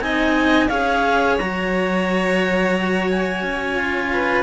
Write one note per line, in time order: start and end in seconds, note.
0.00 0.68 C4
0.00 0.69 D#4
0.00 0.68 D#5
0.00 0.68 G#5
0.68 1.39 C#4
0.68 1.38 G#4
0.68 4.09 C#5
0.68 1.36 F5
1.38 3.42 F#3
1.38 3.76 F#4
1.38 3.08 A#5
3.10 4.42 G#5
3.42 4.42 C#4
3.76 4.42 F4
4.12 4.42 B4